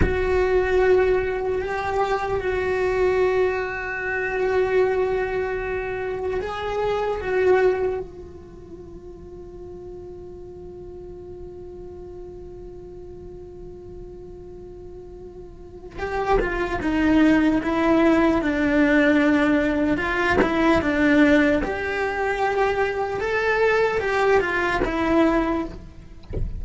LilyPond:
\new Staff \with { instrumentName = "cello" } { \time 4/4 \tempo 4 = 75 fis'2 g'4 fis'4~ | fis'1 | gis'4 fis'4 f'2~ | f'1~ |
f'1 | g'8 f'8 dis'4 e'4 d'4~ | d'4 f'8 e'8 d'4 g'4~ | g'4 a'4 g'8 f'8 e'4 | }